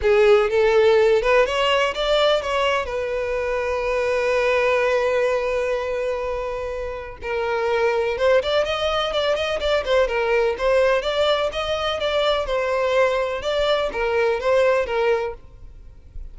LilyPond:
\new Staff \with { instrumentName = "violin" } { \time 4/4 \tempo 4 = 125 gis'4 a'4. b'8 cis''4 | d''4 cis''4 b'2~ | b'1~ | b'2. ais'4~ |
ais'4 c''8 d''8 dis''4 d''8 dis''8 | d''8 c''8 ais'4 c''4 d''4 | dis''4 d''4 c''2 | d''4 ais'4 c''4 ais'4 | }